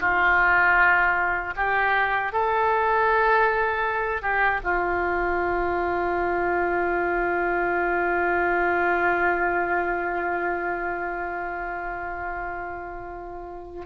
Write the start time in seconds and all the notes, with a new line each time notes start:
0.00 F4
1.56 G4
2.32 A4
4.22 G4
4.63 F4